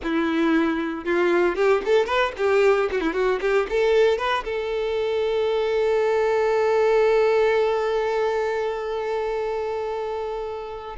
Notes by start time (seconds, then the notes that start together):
0.03 E4
1.04 F4
1.55 G4
1.85 A4
2.06 B4
2.37 G4
2.91 F#4
3.00 E4
3.13 F#4
3.40 G4
3.69 A4
4.18 B4
4.44 A4